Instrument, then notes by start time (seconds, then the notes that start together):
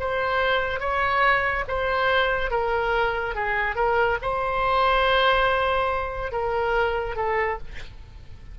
oboe
0.00 C5
0.80 C#5
1.68 C5
2.51 A#4
3.35 G#4
3.76 A#4
4.22 C5
6.32 A#4
7.16 A4